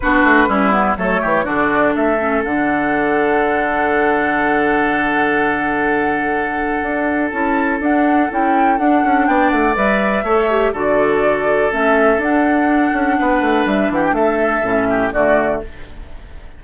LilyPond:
<<
  \new Staff \with { instrumentName = "flute" } { \time 4/4 \tempo 4 = 123 b'2 cis''4 d''4 | e''4 fis''2.~ | fis''1~ | fis''2. a''4 |
fis''4 g''4 fis''4 g''8 fis''8 | e''2 d''2 | e''4 fis''2. | e''8 fis''16 g''16 e''2 d''4 | }
  \new Staff \with { instrumentName = "oboe" } { \time 4/4 fis'4 e'4 a'8 g'8 fis'4 | a'1~ | a'1~ | a'1~ |
a'2. d''4~ | d''4 cis''4 a'2~ | a'2. b'4~ | b'8 g'8 a'4. g'8 fis'4 | }
  \new Staff \with { instrumentName = "clarinet" } { \time 4/4 d'4 cis'8 b8 a4 d'4~ | d'8 cis'8 d'2.~ | d'1~ | d'2. e'4 |
d'4 e'4 d'2 | b'4 a'8 g'8 fis'2 | cis'4 d'2.~ | d'2 cis'4 a4 | }
  \new Staff \with { instrumentName = "bassoon" } { \time 4/4 b8 a8 g4 fis8 e8 d4 | a4 d2.~ | d1~ | d2 d'4 cis'4 |
d'4 cis'4 d'8 cis'8 b8 a8 | g4 a4 d2 | a4 d'4. cis'8 b8 a8 | g8 e8 a4 a,4 d4 | }
>>